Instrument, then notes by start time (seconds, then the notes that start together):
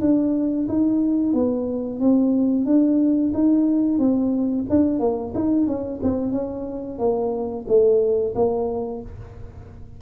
tuba
0.00 D4
0.68 D#4
1.33 B3
1.99 C4
2.65 D4
3.33 D#4
3.98 C4
4.69 D4
4.99 A#3
5.34 D#4
5.66 C#4
6.02 C4
6.32 C#4
6.98 A#3
7.67 A3
8.35 A#3